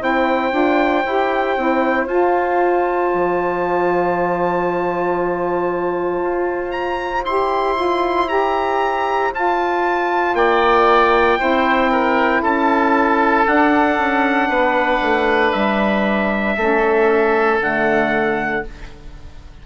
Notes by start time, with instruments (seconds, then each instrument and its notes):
0.00 bassoon C4, saxophone E4, oboe C5, trumpet G5
0.51 bassoon D4, saxophone F4
1.06 bassoon E4, saxophone G4
1.57 bassoon C4, saxophone E4
2.06 bassoon F4, saxophone F4, trumpet A5
3.13 bassoon F3
6.22 bassoon F4
6.71 trumpet A#5
7.25 bassoon E4, saxophone G4, trumpet C6
7.75 saxophone F4
8.28 saxophone G4, trumpet A#5
9.32 bassoon F4, saxophone F4, trumpet A5
10.34 bassoon A#3, oboe D5, trumpet G5
11.38 bassoon C4, saxophone E4, oboe C5
11.91 oboe A#4
12.42 bassoon C#4, oboe A4, trumpet A5
13.46 saxophone D4, bassoon D4, trumpet F#5
13.98 bassoon C#4
14.49 bassoon B3, oboe B4
15.02 bassoon A3
15.52 bassoon G3, trumpet E5
16.56 bassoon A3, saxophone C#4, oboe A4
17.60 bassoon D3, saxophone A3, trumpet F#5